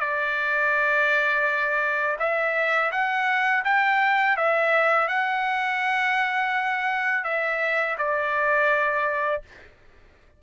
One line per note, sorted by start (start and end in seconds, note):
0.00 2.17 D5
2.19 2.91 E5
2.91 3.64 F#5
3.65 4.37 G5
4.37 5.08 E5
5.08 7.24 F#5
7.24 7.96 E5
7.98 9.42 D5